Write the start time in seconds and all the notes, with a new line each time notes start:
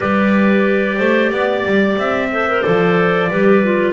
0.00 G3 G4 B4 D5
0.97 A3 C5
1.30 B3 D5
1.65 G3
1.97 C4 E5
2.31 A4 C5
2.48 A#4
2.61 F3 A4 D5
3.30 G3 G4 B4
3.63 F4